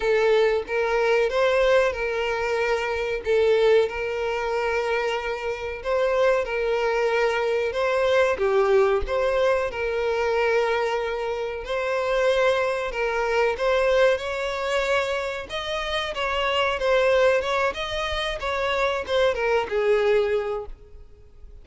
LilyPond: \new Staff \with { instrumentName = "violin" } { \time 4/4 \tempo 4 = 93 a'4 ais'4 c''4 ais'4~ | ais'4 a'4 ais'2~ | ais'4 c''4 ais'2 | c''4 g'4 c''4 ais'4~ |
ais'2 c''2 | ais'4 c''4 cis''2 | dis''4 cis''4 c''4 cis''8 dis''8~ | dis''8 cis''4 c''8 ais'8 gis'4. | }